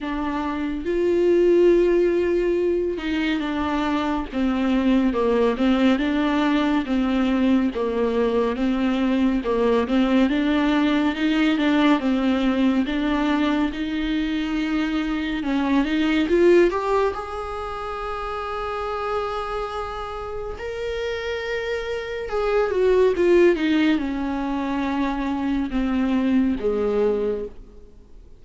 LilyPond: \new Staff \with { instrumentName = "viola" } { \time 4/4 \tempo 4 = 70 d'4 f'2~ f'8 dis'8 | d'4 c'4 ais8 c'8 d'4 | c'4 ais4 c'4 ais8 c'8 | d'4 dis'8 d'8 c'4 d'4 |
dis'2 cis'8 dis'8 f'8 g'8 | gis'1 | ais'2 gis'8 fis'8 f'8 dis'8 | cis'2 c'4 gis4 | }